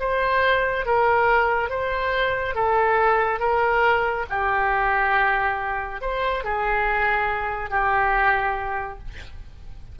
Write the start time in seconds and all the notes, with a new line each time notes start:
0.00 C5
0.86 A#4
1.70 C5
2.55 A4
3.40 A#4
4.30 G4
6.02 C5
6.44 G#4
7.70 G4